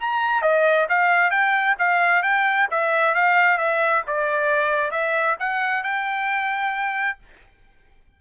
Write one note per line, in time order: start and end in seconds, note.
0.00 0.42 A#5
0.42 0.87 D#5
0.89 1.31 F5
1.31 1.76 G5
1.79 2.23 F5
2.23 2.68 G5
2.71 3.15 E5
3.15 3.58 F5
3.58 4.03 E5
4.07 4.92 D5
4.92 5.37 E5
5.40 5.84 F#5
5.84 7.19 G5